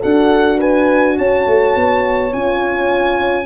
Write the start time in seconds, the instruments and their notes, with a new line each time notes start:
0.00 tuba D4, horn F#4 A4, violin F#5
0.58 horn B4, violin G#5
1.18 tuba C#4, horn C#5, violin A5
1.47 tuba A3
1.75 tuba B3
2.32 tuba C#4, horn F4, violin G#5